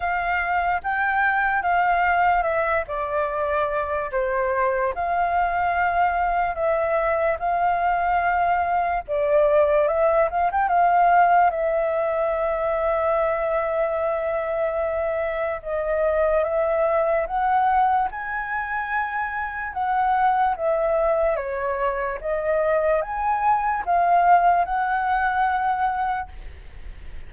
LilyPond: \new Staff \with { instrumentName = "flute" } { \time 4/4 \tempo 4 = 73 f''4 g''4 f''4 e''8 d''8~ | d''4 c''4 f''2 | e''4 f''2 d''4 | e''8 f''16 g''16 f''4 e''2~ |
e''2. dis''4 | e''4 fis''4 gis''2 | fis''4 e''4 cis''4 dis''4 | gis''4 f''4 fis''2 | }